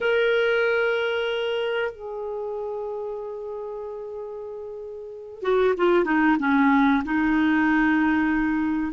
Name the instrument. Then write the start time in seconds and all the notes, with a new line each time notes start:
clarinet
0.00 A#4
1.91 G#4
5.42 F#4
5.77 F4
6.04 D#4
6.39 C#4
7.04 D#4